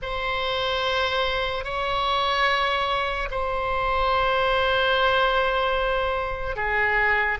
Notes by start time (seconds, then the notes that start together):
0.01 C5
1.64 C#5
3.30 C5
6.55 G#4